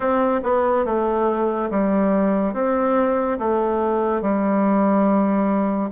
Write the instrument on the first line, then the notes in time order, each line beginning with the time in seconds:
bassoon
0.00 C4
0.43 B3
0.85 A3
1.70 G3
2.54 C4
3.38 A3
4.21 G3